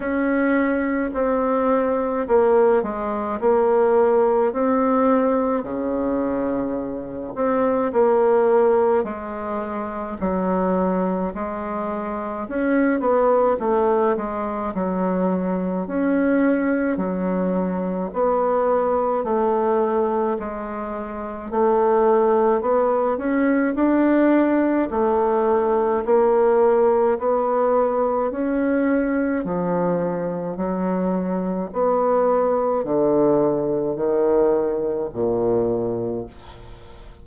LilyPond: \new Staff \with { instrumentName = "bassoon" } { \time 4/4 \tempo 4 = 53 cis'4 c'4 ais8 gis8 ais4 | c'4 cis4. c'8 ais4 | gis4 fis4 gis4 cis'8 b8 | a8 gis8 fis4 cis'4 fis4 |
b4 a4 gis4 a4 | b8 cis'8 d'4 a4 ais4 | b4 cis'4 f4 fis4 | b4 d4 dis4 ais,4 | }